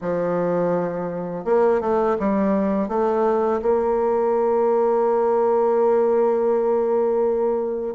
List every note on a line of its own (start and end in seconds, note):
0.01 1.45 F3
1.45 1.80 A#3
1.80 2.17 A3
2.19 2.88 G3
2.88 3.60 A3
3.62 7.95 A#3